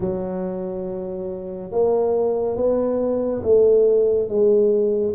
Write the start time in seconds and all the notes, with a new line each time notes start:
0.00 F#3
1.71 A#3
2.56 B3
3.42 A3
4.28 G#3